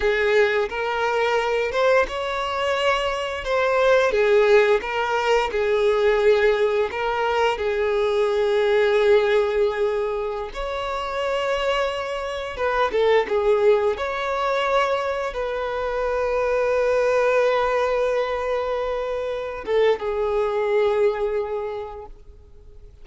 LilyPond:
\new Staff \with { instrumentName = "violin" } { \time 4/4 \tempo 4 = 87 gis'4 ais'4. c''8 cis''4~ | cis''4 c''4 gis'4 ais'4 | gis'2 ais'4 gis'4~ | gis'2.~ gis'16 cis''8.~ |
cis''2~ cis''16 b'8 a'8 gis'8.~ | gis'16 cis''2 b'4.~ b'16~ | b'1~ | b'8 a'8 gis'2. | }